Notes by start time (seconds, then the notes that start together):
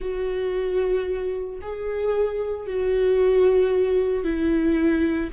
0.00 F#4
1.61 G#4
2.66 F#4
4.24 E4